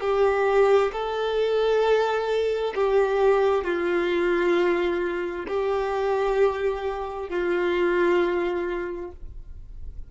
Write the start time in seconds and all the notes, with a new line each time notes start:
0.00 G4
0.92 A4
2.74 G4
3.64 F4
5.48 G4
7.29 F4